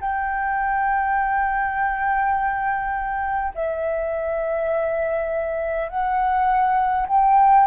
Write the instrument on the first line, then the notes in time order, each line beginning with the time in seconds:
flute
0.00 G5
3.55 E5
5.88 F#5
7.07 G5